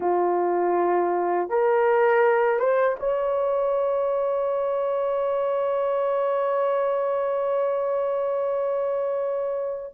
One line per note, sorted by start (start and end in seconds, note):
0.00 1.49 F4
1.49 2.59 A#4
2.59 2.96 C5
2.99 9.93 C#5